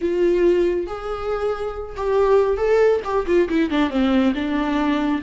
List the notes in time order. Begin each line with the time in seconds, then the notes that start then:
0.01 F4
0.87 G#4
1.96 G4
2.57 A4
3.04 G4
3.26 F4
3.49 E4
3.70 D4
3.90 C4
4.34 D4